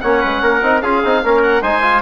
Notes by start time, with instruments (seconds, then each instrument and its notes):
0.00 bassoon A#3, trombone C#4, trumpet C#5, oboe F#5
0.21 bassoon G#3, trumpet B4
0.42 bassoon A#3, trumpet A#4
0.62 bassoon C4, trombone D#4
0.81 bassoon C#4, trombone F4, trumpet G#4, oboe F5
1.04 bassoon C4, trombone D#4
1.24 bassoon A#3, trombone C#4, trumpet A#4
1.42 oboe F#5
1.62 bassoon G#3, trombone D#4, trumpet C5, oboe G#5
1.82 trombone F4